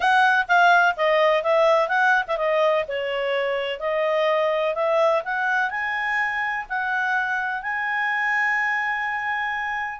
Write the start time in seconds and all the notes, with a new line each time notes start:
0.00 F#5
0.47 F5
0.96 D#5
1.43 E5
1.88 F#5
2.27 E5
2.37 D#5
2.88 C#5
3.79 D#5
4.74 E5
5.24 F#5
5.70 G#5
6.69 F#5
7.62 G#5